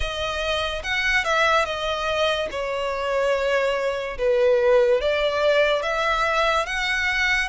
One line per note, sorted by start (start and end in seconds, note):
0.00 0.82 D#5
0.83 1.24 F#5
1.24 1.65 E5
1.65 2.48 D#5
2.50 4.17 C#5
4.17 5.00 B4
5.00 5.82 D5
5.82 6.66 E5
6.66 7.48 F#5